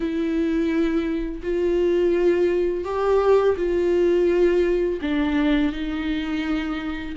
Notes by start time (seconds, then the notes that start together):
0.00 E4
1.43 F4
2.84 G4
3.56 F4
5.01 D4
5.72 D#4